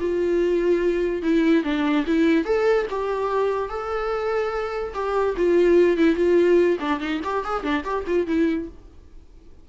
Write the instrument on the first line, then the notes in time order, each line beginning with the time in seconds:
viola
0.00 F4
1.22 E4
1.64 D4
2.07 E4
2.45 A4
2.90 G4
3.69 A4
4.94 G4
5.37 F4
5.98 E4
6.16 F4
6.80 D4
7.00 D#4
7.24 G4
7.44 G#4
7.63 D4
7.84 G4
8.07 F4
8.27 E4